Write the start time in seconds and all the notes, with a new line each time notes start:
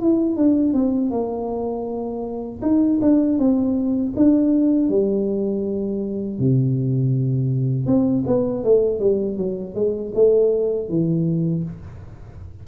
0.00 E4
0.37 D4
0.74 C4
1.11 A#3
2.62 D#4
3.02 D4
3.39 C4
4.17 D4
4.89 G3
6.40 C3
7.87 C4
8.27 B3
8.64 A3
9.00 G3
9.38 F#3
9.75 G#3
10.15 A3
10.89 E3